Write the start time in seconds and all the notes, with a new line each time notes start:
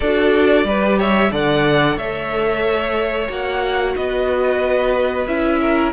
0.00 D4 F#4 A4 D5
0.64 G3 G4 B4
0.98 C#5 E5
1.31 D3 A4 D5 F#5
1.96 A3 C#5 E5
3.28 A#3 F#4 F#5
3.95 B3 B4 D#5
5.26 C#4 E4 E5
5.60 A#4